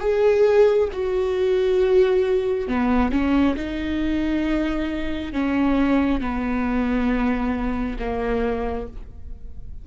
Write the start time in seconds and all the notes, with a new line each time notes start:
0.00 G#4
0.93 F#4
2.68 B3
3.11 C#4
3.56 D#4
5.33 C#4
6.20 B3
7.99 A#3